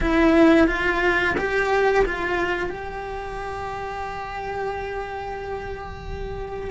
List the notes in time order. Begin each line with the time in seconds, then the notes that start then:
0.00 E4
0.67 F4
1.37 G4
2.05 F4
2.69 G4